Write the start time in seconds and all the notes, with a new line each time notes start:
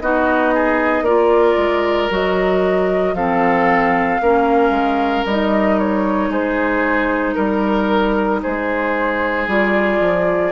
0.00 B3 D#4 F#4 D#5
0.54 G#4
1.01 A#3 F4 A#4 D5
1.56 G#3
2.09 F#3 F#4 D#5
3.13 F3 C4 A4 F5
4.21 A#3 C#4 A#4
4.70 G#3
5.25 G3 D#4 D#5
5.79 C#5
6.29 G#3 G#4 C5
7.34 G3 A#4
8.42 G#3 G#4 C5
9.47 G3 F4 D5
10.00 F3